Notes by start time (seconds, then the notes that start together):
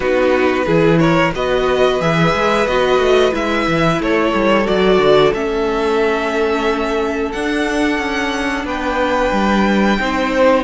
0.00 B3 D#4 F#4 B4
0.66 E3 E4 G#4
0.98 A#4 C#5
1.34 B3 F#4 B4 D#5
2.00 E3 G#4 E5
2.34 G#3
2.66 B3 F#4 D#5
2.98 A3
3.31 G#3 E4 E5
3.67 E3
3.99 A3 A4 C#5
4.33 G3
4.65 F#3 F#4 D5
4.98 D3
5.33 A3 C#4 E5
7.32 D4 F#5
7.98 C#4
8.64 B3 B4 G5
9.31 G3
9.99 C4 D#4 C5